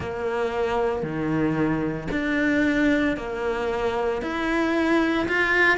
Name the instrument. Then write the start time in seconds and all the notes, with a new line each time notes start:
cello
0.00 A#3
1.02 D#3
2.11 D4
3.16 A#3
4.22 E4
5.27 F4